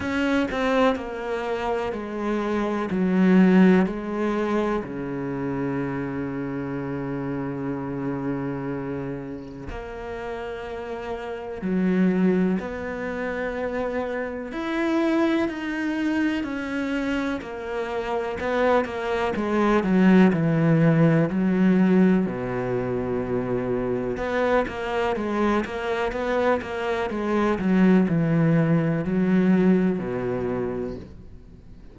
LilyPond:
\new Staff \with { instrumentName = "cello" } { \time 4/4 \tempo 4 = 62 cis'8 c'8 ais4 gis4 fis4 | gis4 cis2.~ | cis2 ais2 | fis4 b2 e'4 |
dis'4 cis'4 ais4 b8 ais8 | gis8 fis8 e4 fis4 b,4~ | b,4 b8 ais8 gis8 ais8 b8 ais8 | gis8 fis8 e4 fis4 b,4 | }